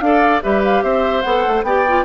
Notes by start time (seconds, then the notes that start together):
0.00 D4 A4 D5 F5
0.42 G3 G4 B4 E5
0.64 F5
0.83 C4 C5 E5
1.22 B3 A4 F#5
1.47 A3
1.63 B3 G4 D5 G5
1.88 F4